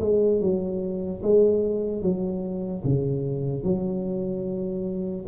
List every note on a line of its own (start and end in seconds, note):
0.00 0.41 G#3
0.41 1.22 F#3
1.23 2.02 G#3
2.02 2.83 F#3
2.84 3.63 C#3
3.63 5.26 F#3